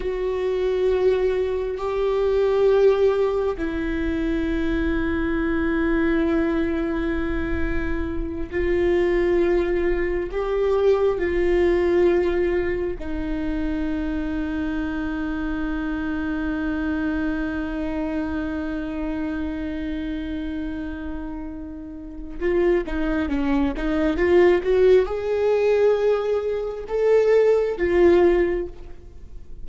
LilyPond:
\new Staff \with { instrumentName = "viola" } { \time 4/4 \tempo 4 = 67 fis'2 g'2 | e'1~ | e'4. f'2 g'8~ | g'8 f'2 dis'4.~ |
dis'1~ | dis'1~ | dis'4 f'8 dis'8 cis'8 dis'8 f'8 fis'8 | gis'2 a'4 f'4 | }